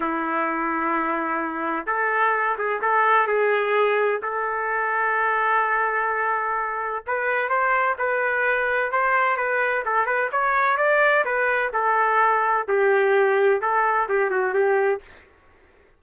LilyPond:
\new Staff \with { instrumentName = "trumpet" } { \time 4/4 \tempo 4 = 128 e'1 | a'4. gis'8 a'4 gis'4~ | gis'4 a'2.~ | a'2. b'4 |
c''4 b'2 c''4 | b'4 a'8 b'8 cis''4 d''4 | b'4 a'2 g'4~ | g'4 a'4 g'8 fis'8 g'4 | }